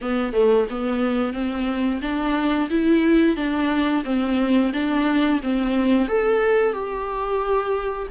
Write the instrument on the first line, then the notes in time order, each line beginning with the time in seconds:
viola
0.01 B3
0.32 A3
0.70 B3
1.33 C4
2.01 D4
2.70 E4
3.36 D4
4.04 C4
4.73 D4
5.42 C4
6.08 A4
6.72 G4